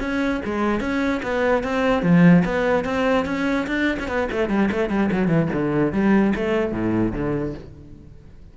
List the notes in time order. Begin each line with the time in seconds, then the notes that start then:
0.00 C#4
0.45 G#3
0.80 C#4
1.23 B3
1.63 C4
2.03 F3
2.45 B3
2.84 C4
3.26 C#4
3.67 D4
3.99 C#4
4.08 B3
4.32 A3
4.49 G3
4.71 A3
4.89 G3
5.12 F#3
5.28 E3
5.53 D3
5.92 G3
6.35 A3
6.72 A2
7.13 D3